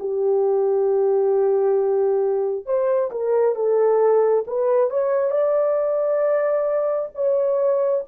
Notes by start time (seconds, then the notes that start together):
0.00 G4
2.66 C5
3.11 A#4
3.56 A4
4.47 B4
4.91 C#5
5.31 D5
7.15 C#5